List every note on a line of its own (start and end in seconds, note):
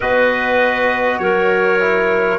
0.00 1.18 B3
0.00 1.79 F#4
0.00 1.20 B4
0.00 1.18 D#5
1.18 2.38 F#3
1.18 2.38 A#4
1.18 2.38 C#5
1.79 2.38 E4